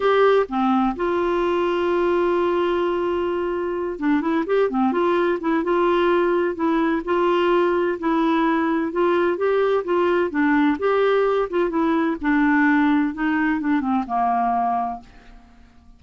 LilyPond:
\new Staff \with { instrumentName = "clarinet" } { \time 4/4 \tempo 4 = 128 g'4 c'4 f'2~ | f'1~ | f'8 d'8 e'8 g'8 c'8 f'4 e'8 | f'2 e'4 f'4~ |
f'4 e'2 f'4 | g'4 f'4 d'4 g'4~ | g'8 f'8 e'4 d'2 | dis'4 d'8 c'8 ais2 | }